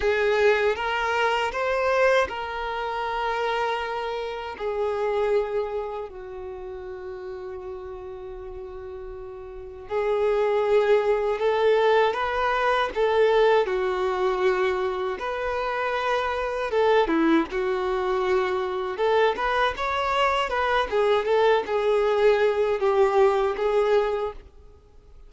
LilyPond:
\new Staff \with { instrumentName = "violin" } { \time 4/4 \tempo 4 = 79 gis'4 ais'4 c''4 ais'4~ | ais'2 gis'2 | fis'1~ | fis'4 gis'2 a'4 |
b'4 a'4 fis'2 | b'2 a'8 e'8 fis'4~ | fis'4 a'8 b'8 cis''4 b'8 gis'8 | a'8 gis'4. g'4 gis'4 | }